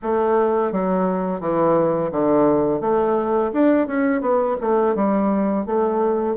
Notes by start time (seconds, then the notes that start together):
0.02 A3
0.72 F#3
1.40 E3
2.11 D3
2.80 A3
3.53 D4
3.87 C#4
4.21 B3
4.61 A3
4.95 G3
5.66 A3